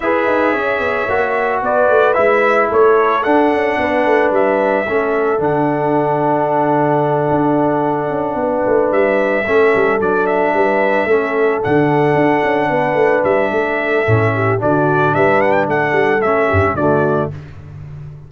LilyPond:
<<
  \new Staff \with { instrumentName = "trumpet" } { \time 4/4 \tempo 4 = 111 e''2. d''4 | e''4 cis''4 fis''2 | e''2 fis''2~ | fis''1~ |
fis''8 e''2 d''8 e''4~ | e''4. fis''2~ fis''8~ | fis''8 e''2~ e''8 d''4 | e''8 fis''16 g''16 fis''4 e''4 d''4 | }
  \new Staff \with { instrumentName = "horn" } { \time 4/4 b'4 cis''2 b'4~ | b'4 a'2 b'4~ | b'4 a'2.~ | a'2.~ a'8 b'8~ |
b'4. a'2 b'8~ | b'8 a'2. b'8~ | b'4 a'4. g'8 fis'4 | b'4 a'4. g'8 fis'4 | }
  \new Staff \with { instrumentName = "trombone" } { \time 4/4 gis'2 fis'2 | e'2 d'2~ | d'4 cis'4 d'2~ | d'1~ |
d'4. cis'4 d'4.~ | d'8 cis'4 d'2~ d'8~ | d'2 cis'4 d'4~ | d'2 cis'4 a4 | }
  \new Staff \with { instrumentName = "tuba" } { \time 4/4 e'8 dis'8 cis'8 b8 ais4 b8 a8 | gis4 a4 d'8 cis'8 b8 a8 | g4 a4 d2~ | d4. d'4. cis'8 b8 |
a8 g4 a8 g8 fis4 g8~ | g8 a4 d4 d'8 cis'8 b8 | a8 g8 a4 a,4 d4 | g4 a8 g8 a8 g,8 d4 | }
>>